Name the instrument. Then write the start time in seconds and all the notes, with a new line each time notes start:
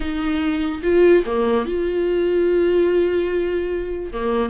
viola
0.00 D#4
0.82 F4
1.26 A#3
1.65 F4
4.12 A#3